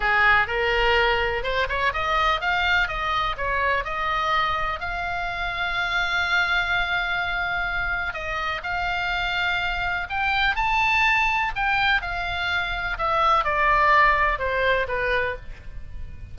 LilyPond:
\new Staff \with { instrumentName = "oboe" } { \time 4/4 \tempo 4 = 125 gis'4 ais'2 c''8 cis''8 | dis''4 f''4 dis''4 cis''4 | dis''2 f''2~ | f''1~ |
f''4 dis''4 f''2~ | f''4 g''4 a''2 | g''4 f''2 e''4 | d''2 c''4 b'4 | }